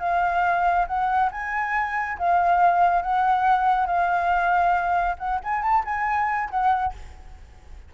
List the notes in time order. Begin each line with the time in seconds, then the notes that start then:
0.00 F5
0.87 F#5
1.32 G#5
2.19 F5
3.02 F#5
3.87 F5
5.19 F#5
5.44 G#5
5.63 A5
5.85 G#5
6.50 F#5